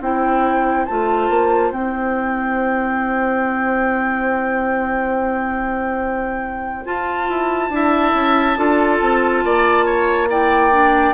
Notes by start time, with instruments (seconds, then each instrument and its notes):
0.00 bassoon C4, clarinet E4, oboe C5, flute G5
0.86 bassoon A3, clarinet F4, flute A5
1.29 bassoon A#3
1.70 bassoon C4, clarinet E4, flute G5
6.84 clarinet F4, bassoon F4, flute A5
7.29 bassoon E4
7.69 bassoon D4, clarinet E4, oboe E5
8.14 bassoon C#4
8.56 bassoon D4, clarinet F4, oboe A4
9.00 bassoon C4
9.44 bassoon A#3, oboe D5
9.85 oboe C#5
10.29 clarinet E4, oboe D5, flute G5
10.71 clarinet D4